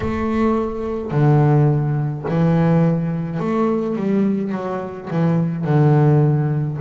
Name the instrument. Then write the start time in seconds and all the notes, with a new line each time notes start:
double bass
0.00 A3
1.11 D3
2.28 E3
3.39 A3
3.96 G3
4.51 F#3
5.10 E3
5.64 D3